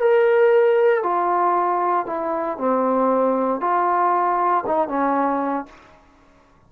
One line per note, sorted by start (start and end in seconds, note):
0.00 1.03 A#4
1.03 2.07 F4
2.07 2.58 E4
2.58 3.61 C4
3.61 4.64 F4
4.67 4.89 D#4
4.89 5.66 C#4